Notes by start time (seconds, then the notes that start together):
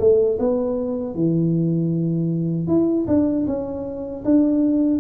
0.00 A3
0.39 B3
1.15 E3
2.67 E4
3.08 D4
3.47 C#4
4.25 D4